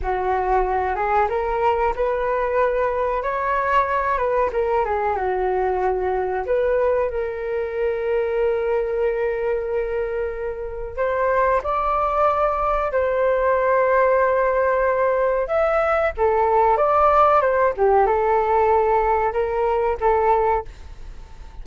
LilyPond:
\new Staff \with { instrumentName = "flute" } { \time 4/4 \tempo 4 = 93 fis'4. gis'8 ais'4 b'4~ | b'4 cis''4. b'8 ais'8 gis'8 | fis'2 b'4 ais'4~ | ais'1~ |
ais'4 c''4 d''2 | c''1 | e''4 a'4 d''4 c''8 g'8 | a'2 ais'4 a'4 | }